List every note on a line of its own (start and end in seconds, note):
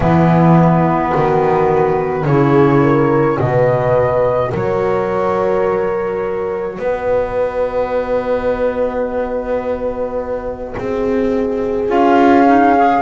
0.00 1.12 E3
0.00 2.27 B3
0.00 1.12 E4
0.00 2.25 B4
1.13 2.24 D#3
1.13 2.26 F#4
2.24 3.37 C#3
2.24 3.40 E4
2.24 2.82 G#4
2.24 3.38 C#5
2.82 3.38 A#4
3.38 4.52 B2
3.38 11.88 F#4
3.38 4.50 B4
3.38 4.51 D#5
4.50 6.79 F#3
4.50 6.76 A#4
4.50 6.80 C#5
6.79 10.75 B3
6.79 10.76 B4
6.79 11.89 D#5
10.76 11.88 C4
10.76 13.01 G#4
11.88 13.01 C#4
11.88 12.44 F4
11.88 13.01 F5
12.47 12.75 D#4
12.77 13.01 G#4